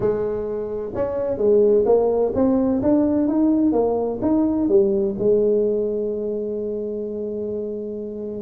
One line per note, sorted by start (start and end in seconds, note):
0.00 0.92 G#3
0.94 1.37 C#4
1.37 1.84 G#3
1.85 2.32 A#3
2.34 2.81 C4
2.82 3.27 D4
3.27 3.72 D#4
3.72 4.19 A#3
4.21 4.68 D#4
4.68 5.15 G3
5.19 8.41 G#3